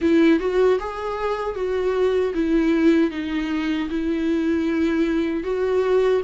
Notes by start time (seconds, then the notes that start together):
0.01 E4
0.39 F#4
0.79 G#4
1.55 F#4
2.34 E4
3.10 D#4
3.89 E4
5.43 F#4